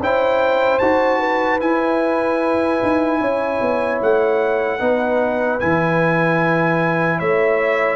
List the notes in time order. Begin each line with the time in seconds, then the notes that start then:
0.00 C#4 E4 C5 G5
0.79 D#4 F#4 A5
1.20 B4
1.61 E4 G#5
2.83 D#4
3.21 C#4 C#5
3.61 B3
4.02 A3 F#5
4.80 B3 D#4 B4
5.60 E3 E4 G#5
7.19 A3 C#5 E5